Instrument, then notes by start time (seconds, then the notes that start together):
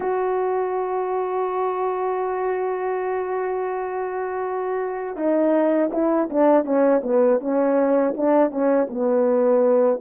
horn
0.00 F#4
5.16 D#4
5.92 E4
6.30 D4
6.64 C#4
7.03 B3
7.40 C#4
8.16 D4
8.50 C#4
8.89 B3